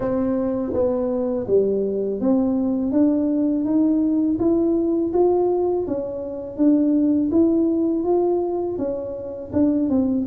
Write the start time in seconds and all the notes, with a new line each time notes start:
0.00 C4
0.73 B3
1.47 G3
2.20 C4
2.91 D4
3.65 D#4
4.39 E4
5.13 F4
5.87 C#4
6.57 D4
7.31 E4
8.04 F4
8.78 C#4
9.52 D4
9.89 C4